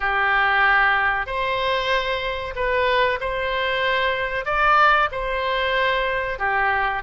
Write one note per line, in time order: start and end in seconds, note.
0.00 1.26 G4
1.26 2.54 C5
2.55 3.19 B4
3.20 4.45 C5
4.45 5.09 D5
5.11 6.38 C5
6.38 7.02 G4